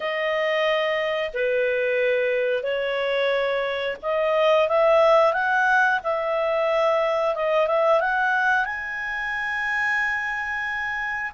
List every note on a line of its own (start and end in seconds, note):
0.00 1.30 D#5
1.33 2.63 B4
2.63 3.96 C#5
4.02 4.68 D#5
4.68 5.33 E5
5.33 5.99 F#5
6.03 7.35 E5
7.35 7.67 D#5
7.67 8.00 E5
8.00 8.65 F#5
8.65 11.32 G#5